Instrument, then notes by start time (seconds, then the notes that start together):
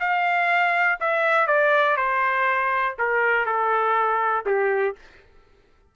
trumpet
0.00 F5
1.01 E5
1.47 D5
1.97 C5
2.99 A#4
3.46 A4
4.46 G4